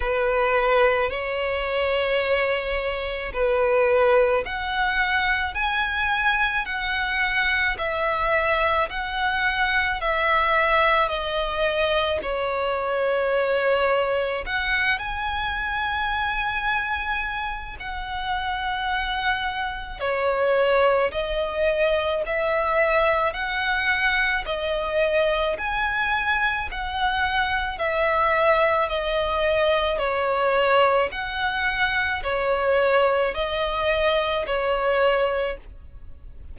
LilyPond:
\new Staff \with { instrumentName = "violin" } { \time 4/4 \tempo 4 = 54 b'4 cis''2 b'4 | fis''4 gis''4 fis''4 e''4 | fis''4 e''4 dis''4 cis''4~ | cis''4 fis''8 gis''2~ gis''8 |
fis''2 cis''4 dis''4 | e''4 fis''4 dis''4 gis''4 | fis''4 e''4 dis''4 cis''4 | fis''4 cis''4 dis''4 cis''4 | }